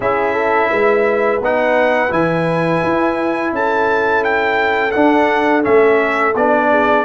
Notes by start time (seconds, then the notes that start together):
0.00 C#4 E4 G#4 E5
0.33 A4
0.70 G#3 B4
1.40 B3 D#4 F#5
2.09 E3 E4 G#5
2.83 E4
3.52 C#4 A4 A5
4.24 G5
4.91 D4 F#5
5.62 A3 C#4 E5
6.35 B3 D4 D5
6.70 G#4